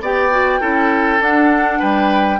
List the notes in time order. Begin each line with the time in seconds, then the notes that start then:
0.00 B3 G4 D5 G5
0.31 F#4
0.60 C#4 E4 A4
1.19 D4 F#5
1.79 G3 B4 G5